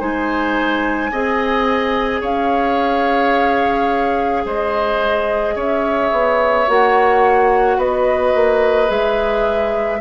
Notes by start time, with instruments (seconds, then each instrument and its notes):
0.00 bassoon G#3, clarinet D#4, oboe C5, flute G#5
1.12 bassoon C4, clarinet G#4, oboe D#5
2.21 bassoon C#4, oboe C#5, flute F5
4.45 bassoon G#3, oboe C5, flute D#5
5.56 bassoon C#4, oboe C#5, flute E5
6.12 bassoon B3
6.68 bassoon A#3, clarinet F#4, flute F#5
7.78 bassoon B3, oboe B4, flute D#5
8.35 bassoon A#3
8.87 bassoon G#3, clarinet G#4, flute E5